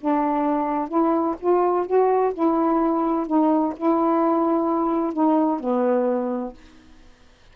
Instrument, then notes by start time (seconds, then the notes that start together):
saxophone
0.00 D4
0.88 E4
1.40 F4
1.86 F#4
2.33 E4
3.26 D#4
3.76 E4
5.13 D#4
5.60 B3